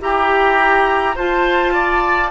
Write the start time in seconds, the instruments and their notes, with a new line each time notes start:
0.00 bassoon E4, clarinet G4, oboe G4, flute A#5
1.15 bassoon F4, clarinet F4, oboe C5, flute A5
1.73 oboe D5